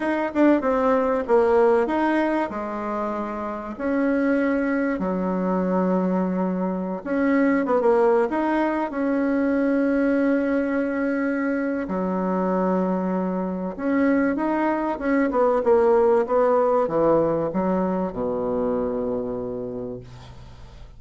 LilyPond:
\new Staff \with { instrumentName = "bassoon" } { \time 4/4 \tempo 4 = 96 dis'8 d'8 c'4 ais4 dis'4 | gis2 cis'2 | fis2.~ fis16 cis'8.~ | cis'16 b16 ais8. dis'4 cis'4.~ cis'16~ |
cis'2. fis4~ | fis2 cis'4 dis'4 | cis'8 b8 ais4 b4 e4 | fis4 b,2. | }